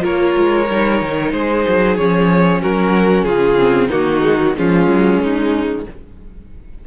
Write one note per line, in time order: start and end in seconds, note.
0.00 0.36 A#3
0.00 0.65 F4
0.00 1.32 A#4
0.00 1.31 C#5
0.37 0.69 G#3
0.69 1.01 G3
0.69 1.99 D#4
1.01 1.33 D#3
1.31 1.65 G#3
1.31 2.61 G#4
1.31 1.96 C5
1.68 1.98 F#3
1.96 2.62 F3
1.96 3.59 C#4
1.96 2.61 C#5
2.61 3.24 F#3
2.61 3.25 F#4
2.61 3.24 A#4
3.24 3.89 C#3
3.24 3.88 F4
3.24 3.88 G#4
3.59 3.89 C4
3.88 4.57 D#3
3.88 4.21 A#3
3.88 4.53 D#4
3.88 4.56 F#4
4.21 4.37 G#3
4.41 4.54 F#3
4.54 4.86 F3
4.54 5.83 G#3
4.54 5.85 C#4
4.54 5.22 F4
4.86 5.19 F#3
5.21 5.86 G#3
5.21 5.87 D#4